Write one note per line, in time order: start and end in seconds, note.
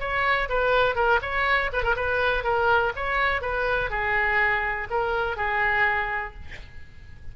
0.00 0.49 C#5
0.49 0.96 B4
0.96 1.20 A#4
1.22 1.71 C#5
1.73 1.83 B4
1.83 1.96 A#4
1.96 2.44 B4
2.44 2.93 A#4
2.96 3.42 C#5
3.42 3.91 B4
3.91 4.88 G#4
4.91 5.37 A#4
5.37 6.34 G#4